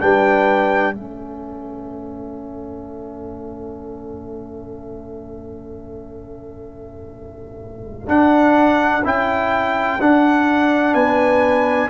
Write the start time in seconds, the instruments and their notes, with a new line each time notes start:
0.00 tuba G3, trombone D4, horn B4, trumpet G5
0.94 tuba A3, trombone C#4, horn A4, trumpet E5
8.06 trombone D4, tuba D4, trumpet F#5
9.04 tuba C#4, trombone E4, trumpet G5
10.00 tuba D4, trombone D4, trumpet F#5
10.93 tuba B3, horn B4, trumpet G#5